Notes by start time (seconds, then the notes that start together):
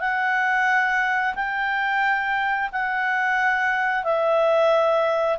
0.00 F#5
1.35 G5
2.73 F#5
4.04 E5